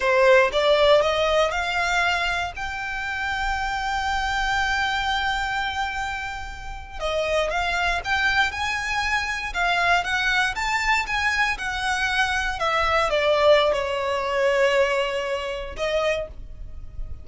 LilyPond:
\new Staff \with { instrumentName = "violin" } { \time 4/4 \tempo 4 = 118 c''4 d''4 dis''4 f''4~ | f''4 g''2.~ | g''1~ | g''4.~ g''16 dis''4 f''4 g''16~ |
g''8. gis''2 f''4 fis''16~ | fis''8. a''4 gis''4 fis''4~ fis''16~ | fis''8. e''4 d''4~ d''16 cis''4~ | cis''2. dis''4 | }